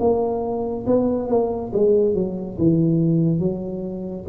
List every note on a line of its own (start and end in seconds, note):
0.00 0.86 A#3
0.87 1.29 B3
1.29 1.72 A#3
1.74 2.15 G#3
2.15 2.58 F#3
2.59 3.40 E3
3.40 4.25 F#3